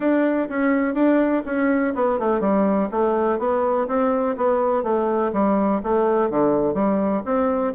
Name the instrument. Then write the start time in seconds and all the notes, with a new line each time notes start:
bassoon
0.00 D4
0.49 C#4
0.94 D4
1.45 C#4
1.95 B3
2.19 A3
2.40 G3
2.91 A3
3.38 B3
3.87 C4
4.36 B3
4.83 A3
5.32 G3
5.83 A3
6.30 D3
6.74 G3
7.25 C4